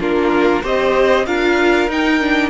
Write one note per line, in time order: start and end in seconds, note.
0.00 0.63 A#3
0.00 0.63 D4
0.00 0.63 F4
0.00 0.65 A#4
0.63 1.27 C4
0.63 1.26 G4
0.63 1.26 C5
0.63 1.26 D#5
1.26 1.88 D4
1.26 1.89 F4
1.26 2.50 A#4
1.26 1.89 F5
1.88 2.50 D#4
1.88 2.21 D#4
1.88 2.50 G5
2.21 2.50 D4